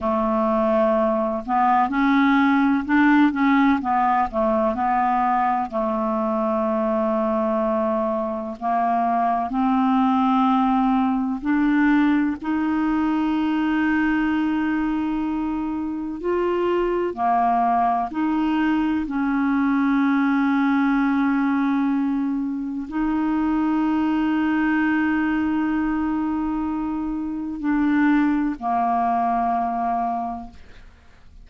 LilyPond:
\new Staff \with { instrumentName = "clarinet" } { \time 4/4 \tempo 4 = 63 a4. b8 cis'4 d'8 cis'8 | b8 a8 b4 a2~ | a4 ais4 c'2 | d'4 dis'2.~ |
dis'4 f'4 ais4 dis'4 | cis'1 | dis'1~ | dis'4 d'4 ais2 | }